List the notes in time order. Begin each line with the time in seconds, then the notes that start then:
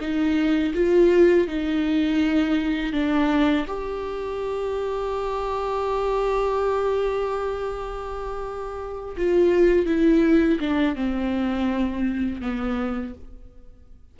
0.00 D#4
0.74 F4
1.47 D#4
2.92 D4
3.67 G4
9.17 F4
9.86 E4
10.60 D4
10.95 C4
12.41 B3